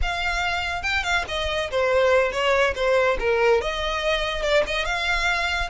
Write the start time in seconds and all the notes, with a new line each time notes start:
0.02 F5
0.82 G5
1.03 F5
1.28 D#5
1.70 C5
2.31 C#5
2.75 C5
3.19 A#4
3.61 D#5
4.42 D5
4.67 D#5
4.85 F5